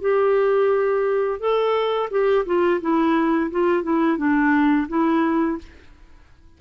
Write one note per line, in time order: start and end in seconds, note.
0.00 1.39 G4
1.39 2.09 A4
2.10 2.45 G4
2.45 2.80 F4
2.80 3.50 E4
3.50 3.82 F4
3.82 4.17 E4
4.17 4.87 D4
4.88 5.58 E4